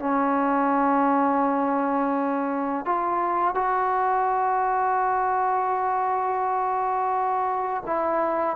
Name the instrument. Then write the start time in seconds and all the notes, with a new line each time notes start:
trombone
0.00 C#4
2.86 F4
3.55 F#4
7.86 E4